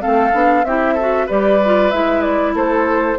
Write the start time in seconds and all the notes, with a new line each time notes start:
0.00 C4 A4 F5
0.06 A3
0.32 B3 D4
0.64 C4 E4 G4 E5
0.94 F#4 A4
1.26 G3 G4 B4 D5
1.65 F4
1.90 G#3 E4 E5
2.22 D5
2.54 A3 A4 C5